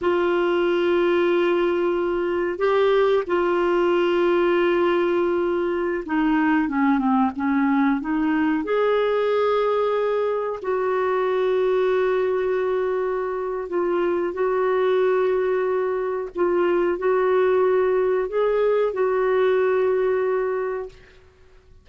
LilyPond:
\new Staff \with { instrumentName = "clarinet" } { \time 4/4 \tempo 4 = 92 f'1 | g'4 f'2.~ | f'4~ f'16 dis'4 cis'8 c'8 cis'8.~ | cis'16 dis'4 gis'2~ gis'8.~ |
gis'16 fis'2.~ fis'8.~ | fis'4 f'4 fis'2~ | fis'4 f'4 fis'2 | gis'4 fis'2. | }